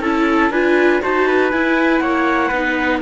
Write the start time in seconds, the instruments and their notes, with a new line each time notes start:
0.00 cello C#4, viola E4, trumpet A4, clarinet A5
0.50 cello D4, viola F4, trumpet B4, clarinet G#5
1.02 cello D#4, viola F#4, trumpet C5, clarinet A5
1.27 trumpet B4
1.51 viola E4, cello E4, clarinet G#5
1.99 cello A#3, trumpet C#5, clarinet F#5
2.48 cello B3, viola D#4, trumpet B4